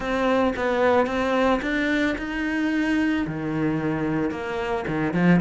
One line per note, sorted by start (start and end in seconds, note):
0.00 0.54 C4
0.56 1.06 B3
1.06 1.60 C4
1.62 2.16 D4
2.17 3.26 D#4
3.26 4.30 D#3
4.30 4.84 A#3
4.87 5.13 D#3
5.13 5.40 F3